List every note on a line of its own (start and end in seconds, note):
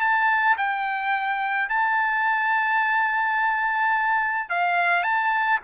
0.00 0.56 A5
0.57 1.69 G5
1.69 4.49 A5
4.49 5.03 F5
5.03 5.59 A5